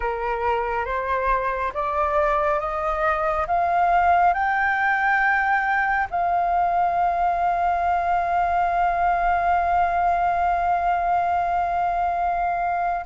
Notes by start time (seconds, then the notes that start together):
0.00 A#4
0.85 C5
1.73 D5
2.59 D#5
3.47 F5
4.33 G5
6.10 F5